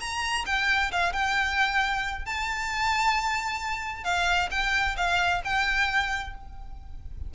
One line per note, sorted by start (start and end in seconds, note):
0.00 0.45 A#5
0.46 0.91 G5
0.92 1.13 F5
1.13 2.26 G5
2.26 4.04 A5
4.04 4.49 F5
4.51 4.96 G5
4.97 5.42 F5
5.44 6.35 G5